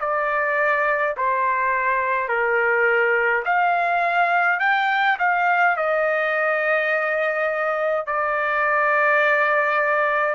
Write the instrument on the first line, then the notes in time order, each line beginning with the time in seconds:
trumpet
0.00 D5
1.16 C5
2.28 A#4
3.45 F5
4.59 G5
5.19 F5
5.76 D#5
8.06 D5